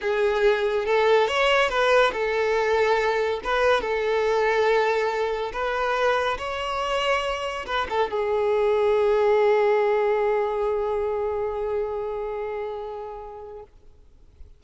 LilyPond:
\new Staff \with { instrumentName = "violin" } { \time 4/4 \tempo 4 = 141 gis'2 a'4 cis''4 | b'4 a'2. | b'4 a'2.~ | a'4 b'2 cis''4~ |
cis''2 b'8 a'8 gis'4~ | gis'1~ | gis'1~ | gis'1 | }